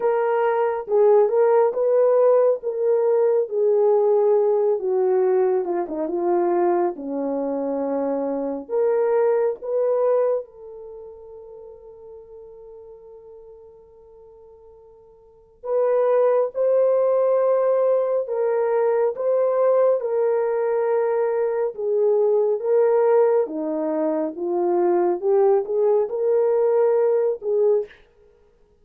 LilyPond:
\new Staff \with { instrumentName = "horn" } { \time 4/4 \tempo 4 = 69 ais'4 gis'8 ais'8 b'4 ais'4 | gis'4. fis'4 f'16 dis'16 f'4 | cis'2 ais'4 b'4 | a'1~ |
a'2 b'4 c''4~ | c''4 ais'4 c''4 ais'4~ | ais'4 gis'4 ais'4 dis'4 | f'4 g'8 gis'8 ais'4. gis'8 | }